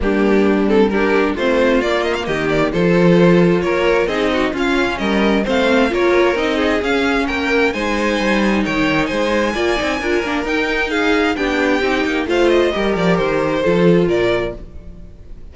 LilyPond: <<
  \new Staff \with { instrumentName = "violin" } { \time 4/4 \tempo 4 = 132 g'4. a'8 ais'4 c''4 | d''8 dis''16 f''16 dis''8 d''8 c''2 | cis''4 dis''4 f''4 dis''4 | f''4 cis''4 dis''4 f''4 |
g''4 gis''2 g''4 | gis''2. g''4 | f''4 g''2 f''8 dis''8~ | dis''8 d''8 c''2 d''4 | }
  \new Staff \with { instrumentName = "violin" } { \time 4/4 d'2 g'4 f'4~ | f'4 g'4 a'2 | ais'4 gis'8 fis'8 f'4 ais'4 | c''4 ais'4. gis'4. |
ais'4 c''2 cis''4 | c''4 d''4 ais'2 | gis'4 g'2 c''4 | ais'2 a'4 ais'4 | }
  \new Staff \with { instrumentName = "viola" } { \time 4/4 ais4. c'8 d'4 c'4 | ais2 f'2~ | f'4 dis'4 cis'2 | c'4 f'4 dis'4 cis'4~ |
cis'4 dis'2.~ | dis'4 f'8 dis'8 f'8 d'8 dis'4~ | dis'4 d'4 dis'4 f'4 | g'2 f'2 | }
  \new Staff \with { instrumentName = "cello" } { \time 4/4 g2. a4 | ais4 dis4 f2 | ais4 c'4 cis'4 g4 | a4 ais4 c'4 cis'4 |
ais4 gis4 g4 dis4 | gis4 ais8 c'8 d'8 ais8 dis'4~ | dis'4 b4 c'8 ais8 a4 | g8 f8 dis4 f4 ais,4 | }
>>